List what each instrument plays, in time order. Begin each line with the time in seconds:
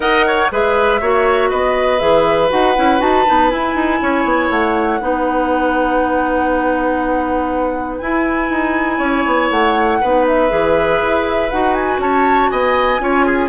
0.00 bassoon D#4, clarinet A#4, oboe D#5, flute F#5
0.26 oboe C#5
0.51 bassoon G#3, clarinet G#4, oboe B4, flute E5
1.00 bassoon A#3, clarinet F#4, oboe C#5
1.49 bassoon B3, oboe B4, flute D#5
1.99 bassoon E3, clarinet G#4, flute E5
2.49 bassoon D#4, clarinet F#4, flute F#5
2.75 bassoon C#4, clarinet E4
2.98 bassoon D#4, clarinet F#4, flute A5
3.25 bassoon B3, clarinet D#4
3.49 clarinet E4, bassoon E4, flute G#5
3.75 bassoon D#4
4.01 bassoon C#4, oboe C#5
4.24 bassoon B3
4.49 bassoon A3, flute F#5
5.00 bassoon B3, clarinet D#4, oboe B4
7.98 bassoon E4, clarinet E4, flute G#5
8.49 bassoon D#4
8.98 bassoon C#4, oboe C#5
9.26 bassoon B3
9.50 bassoon A3, flute F#5
10.01 bassoon B3, clarinet D#4, oboe B4
10.27 flute E5
10.48 bassoon E3, clarinet G#4
11.01 bassoon E4
11.50 bassoon D#4, clarinet F#4, flute F#5
11.73 flute G#5
11.98 bassoon C#4, oboe C#5, flute A5
12.49 bassoon B3, oboe D#5, flute G#5
12.99 bassoon C#4, clarinet F4, oboe C#5
13.26 oboe G#4